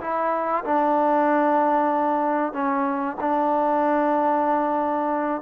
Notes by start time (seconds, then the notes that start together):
0.00 E4
0.64 D4
2.52 C#4
3.20 D4